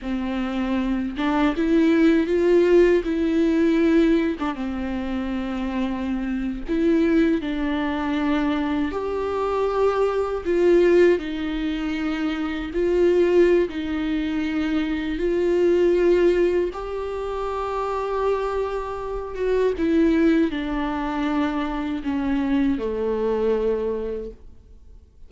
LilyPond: \new Staff \with { instrumentName = "viola" } { \time 4/4 \tempo 4 = 79 c'4. d'8 e'4 f'4 | e'4.~ e'16 d'16 c'2~ | c'8. e'4 d'2 g'16~ | g'4.~ g'16 f'4 dis'4~ dis'16~ |
dis'8. f'4~ f'16 dis'2 | f'2 g'2~ | g'4. fis'8 e'4 d'4~ | d'4 cis'4 a2 | }